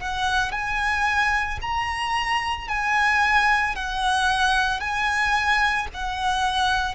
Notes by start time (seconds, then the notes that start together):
0.00 F#5
0.52 G#5
1.61 A#5
2.68 G#5
3.75 F#5
4.80 G#5
5.94 F#5